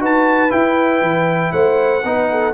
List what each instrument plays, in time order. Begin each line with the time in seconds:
0.00 tuba D#4, trombone F#4, horn B4, trumpet A5
0.50 trombone E4, tuba E4, trumpet G5
1.02 tuba E3
1.52 tuba A3, horn C5, trumpet F#5
2.04 tuba B3, trombone D#4, horn B4
2.31 horn A4